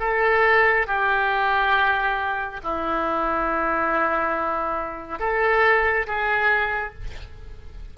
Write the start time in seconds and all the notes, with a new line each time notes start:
0.00 A4
0.87 G4
2.63 E4
5.19 A4
6.07 G#4